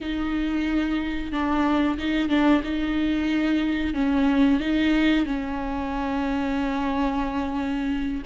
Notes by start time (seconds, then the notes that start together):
0.00 D#4
1.32 D4
1.98 D#4
2.29 D4
2.63 D#4
3.94 C#4
4.60 D#4
5.25 C#4